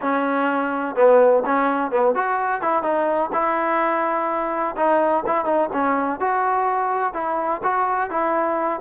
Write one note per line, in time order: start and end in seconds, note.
0.01 0.95 C#4
0.95 1.43 B3
1.45 1.91 C#4
1.91 2.15 B3
2.15 2.61 F#4
2.61 2.82 E4
2.82 3.30 D#4
3.32 4.75 E4
4.76 5.24 D#4
5.26 5.45 E4
5.45 5.69 D#4
5.72 6.19 C#4
6.19 7.13 F#4
7.13 7.61 E4
7.63 8.10 F#4
8.10 8.80 E4